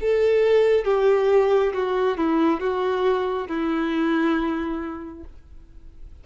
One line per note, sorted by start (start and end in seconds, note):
0.00 0.84 A4
0.84 1.72 G4
1.73 2.17 F#4
2.17 2.60 E4
2.60 3.47 F#4
3.47 5.24 E4